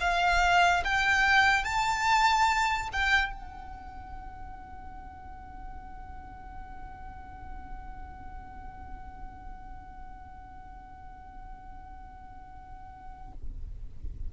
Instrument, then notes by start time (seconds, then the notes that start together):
violin
0.00 F5
0.84 G5
1.64 A5
2.92 G5
3.32 F#5